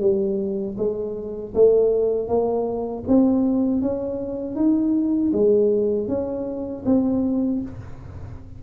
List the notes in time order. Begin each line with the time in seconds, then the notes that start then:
0.00 G3
0.77 G#3
1.54 A3
2.28 A#3
3.07 C4
3.81 C#4
4.55 D#4
5.32 G#3
6.08 C#4
6.86 C4